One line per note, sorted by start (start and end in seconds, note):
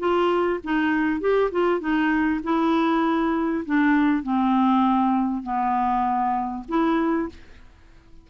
0.00 0.61 F4
0.64 1.21 D#4
1.21 1.51 G4
1.52 1.80 F4
1.80 2.41 D#4
2.44 3.65 E4
3.66 4.24 D4
4.24 5.44 C4
5.44 6.65 B3
6.69 7.29 E4